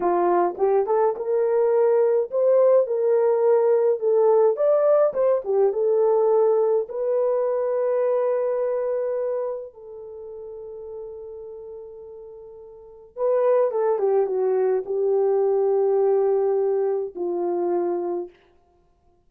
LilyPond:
\new Staff \with { instrumentName = "horn" } { \time 4/4 \tempo 4 = 105 f'4 g'8 a'8 ais'2 | c''4 ais'2 a'4 | d''4 c''8 g'8 a'2 | b'1~ |
b'4 a'2.~ | a'2. b'4 | a'8 g'8 fis'4 g'2~ | g'2 f'2 | }